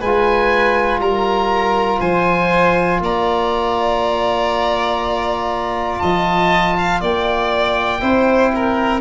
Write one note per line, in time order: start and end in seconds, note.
0.00 0.99 G#3
0.00 8.00 F4
0.00 1.00 B4
0.00 1.01 G#5
0.99 1.99 G3
0.99 1.99 A#4
0.99 2.00 A#5
1.99 3.00 F3
1.99 2.99 C5
1.99 3.00 G#5
3.00 6.00 A#3
3.00 6.01 D5
3.00 5.99 A#5
5.99 7.01 F3
5.99 6.76 D#5
5.99 6.99 A5
6.78 7.01 F5
7.01 8.01 A#3
7.01 8.01 D5
7.01 9.00 G5
8.00 9.00 C4
8.00 9.00 E4
8.00 8.52 C5
8.55 9.00 A#4